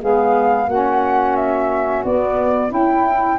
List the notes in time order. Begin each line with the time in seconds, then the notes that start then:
0.00 G#3 B3 G#4 F5
0.67 A#3 C#4 F#4 F#5
1.36 E5
2.05 B3 D5
2.69 C#4 E4 G5